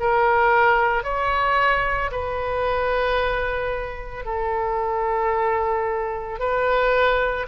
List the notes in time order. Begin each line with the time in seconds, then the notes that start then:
0.00 A#4
1.04 C#5
2.12 B4
4.25 A4
6.40 B4